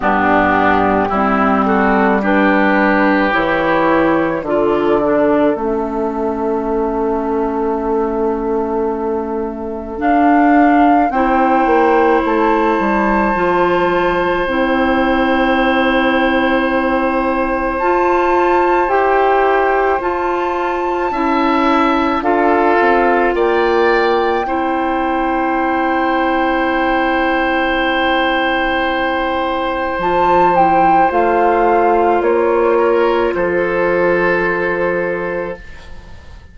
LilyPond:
<<
  \new Staff \with { instrumentName = "flute" } { \time 4/4 \tempo 4 = 54 g'4. a'8 b'4 cis''4 | d''4 e''2.~ | e''4 f''4 g''4 a''4~ | a''4 g''2. |
a''4 g''4 a''2 | f''4 g''2.~ | g''2. a''8 g''8 | f''4 cis''4 c''2 | }
  \new Staff \with { instrumentName = "oboe" } { \time 4/4 d'4 e'8 fis'8 g'2 | a'1~ | a'2 c''2~ | c''1~ |
c''2. e''4 | a'4 d''4 c''2~ | c''1~ | c''4. ais'8 a'2 | }
  \new Staff \with { instrumentName = "clarinet" } { \time 4/4 b4 c'4 d'4 e'4 | f'8 d'8 cis'2.~ | cis'4 d'4 e'2 | f'4 e'2. |
f'4 g'4 f'4 e'4 | f'2 e'2~ | e'2. f'8 e'8 | f'1 | }
  \new Staff \with { instrumentName = "bassoon" } { \time 4/4 g,4 g2 e4 | d4 a2.~ | a4 d'4 c'8 ais8 a8 g8 | f4 c'2. |
f'4 e'4 f'4 cis'4 | d'8 c'8 ais4 c'2~ | c'2. f4 | a4 ais4 f2 | }
>>